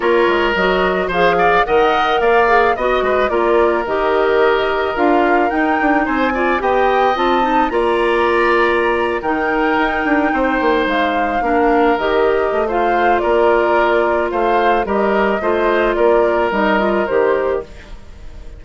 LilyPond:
<<
  \new Staff \with { instrumentName = "flute" } { \time 4/4 \tempo 4 = 109 cis''4 dis''4 f''4 fis''4 | f''4 dis''4 d''4 dis''4~ | dis''4 f''4 g''4 gis''4 | g''4 a''4 ais''2~ |
ais''8. g''2. f''16~ | f''4.~ f''16 dis''4~ dis''16 f''4 | d''2 f''4 dis''4~ | dis''4 d''4 dis''4 c''4 | }
  \new Staff \with { instrumentName = "oboe" } { \time 4/4 ais'2 c''8 d''8 dis''4 | d''4 dis''8 b'8 ais'2~ | ais'2. c''8 d''8 | dis''2 d''2~ |
d''8. ais'2 c''4~ c''16~ | c''8. ais'2~ ais'16 c''4 | ais'2 c''4 ais'4 | c''4 ais'2. | }
  \new Staff \with { instrumentName = "clarinet" } { \time 4/4 f'4 fis'4 gis'4 ais'4~ | ais'8 gis'8 fis'4 f'4 g'4~ | g'4 f'4 dis'4. f'8 | g'4 f'8 dis'8 f'2~ |
f'8. dis'2.~ dis'16~ | dis'8. d'4 g'4~ g'16 f'4~ | f'2. g'4 | f'2 dis'8 f'8 g'4 | }
  \new Staff \with { instrumentName = "bassoon" } { \time 4/4 ais8 gis8 fis4 f4 dis4 | ais4 b8 gis8 ais4 dis4~ | dis4 d'4 dis'8 d'8 c'4 | b4 c'4 ais2~ |
ais8. dis4 dis'8 d'8 c'8 ais8 gis16~ | gis8. ais4 dis4 a4~ a16 | ais2 a4 g4 | a4 ais4 g4 dis4 | }
>>